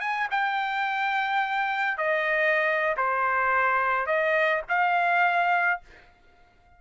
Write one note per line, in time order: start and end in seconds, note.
0.00 0.28 G#5
0.30 1.97 G5
1.97 2.95 D#5
2.96 4.06 C5
4.06 4.62 D#5
4.68 5.81 F5